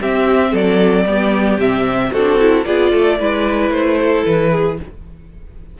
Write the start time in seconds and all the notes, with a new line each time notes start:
0.00 C4 G4 E5
0.51 F#3 A4 D5
1.05 G3 B3 G4
1.57 C3 C4 E5
2.11 C4 D4 F#4 A4
2.39 E4
2.65 B3 F4 G#4 D5
2.91 A3 A4
3.19 G#3 E4 B4
3.69 A3 C5
4.00 A4
4.25 E3 B4
4.51 G#4